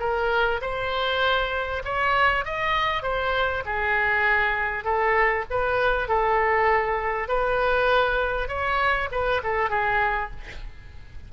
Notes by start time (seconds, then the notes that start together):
0.00 A#4
0.61 C5
1.85 C#5
2.45 D#5
3.03 C5
3.66 G#4
4.84 A4
5.50 B4
6.08 A4
7.28 B4
8.48 C#5
9.11 B4
9.43 A4
9.70 G#4